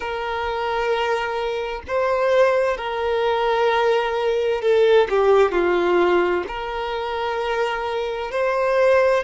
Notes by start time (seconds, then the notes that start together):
0.00 A#4
1.87 C5
2.77 A#4
4.61 A4
5.09 G4
5.51 F4
6.47 A#4
8.31 C5